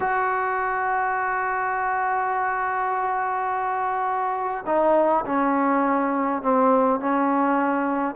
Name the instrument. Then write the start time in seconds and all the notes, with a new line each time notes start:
trombone
0.00 F#4
4.66 D#4
5.26 C#4
6.42 C4
7.00 C#4